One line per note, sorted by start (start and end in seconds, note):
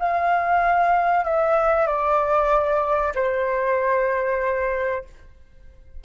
0.00 1.25 F5
1.25 1.87 E5
1.87 3.13 D5
3.15 5.05 C5